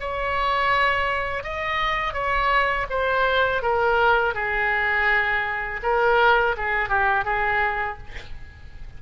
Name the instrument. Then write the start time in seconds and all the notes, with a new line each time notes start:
oboe
0.00 C#5
1.43 D#5
2.13 C#5
2.90 C5
3.62 A#4
4.34 G#4
5.83 A#4
6.57 G#4
6.89 G4
7.25 G#4